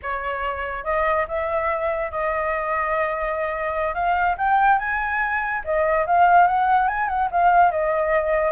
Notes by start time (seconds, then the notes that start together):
0.02 C#5
0.84 D#5
1.27 E5
2.11 D#5
3.94 F5
4.37 G5
4.79 G#5
5.64 D#5
6.06 F5
6.47 F#5
6.88 G#5
7.08 F#5
7.31 F5
7.71 D#5